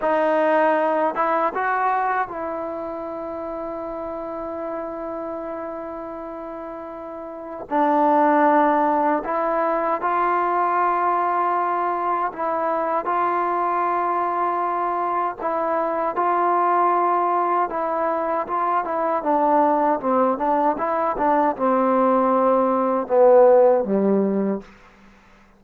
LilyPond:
\new Staff \with { instrumentName = "trombone" } { \time 4/4 \tempo 4 = 78 dis'4. e'8 fis'4 e'4~ | e'1~ | e'2 d'2 | e'4 f'2. |
e'4 f'2. | e'4 f'2 e'4 | f'8 e'8 d'4 c'8 d'8 e'8 d'8 | c'2 b4 g4 | }